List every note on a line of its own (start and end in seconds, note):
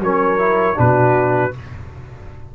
0.00 0.76 F#3
0.00 0.38 C#4
0.00 0.78 A#4
0.00 0.79 C#5
0.38 0.75 E4
0.75 1.54 B2
0.75 1.51 D4
0.75 1.54 F#4
0.75 1.55 B4